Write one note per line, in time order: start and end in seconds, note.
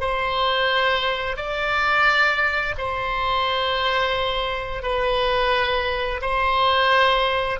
0.00 1.37 C5
1.37 2.75 D5
2.78 4.82 C5
4.82 6.20 B4
6.22 7.60 C5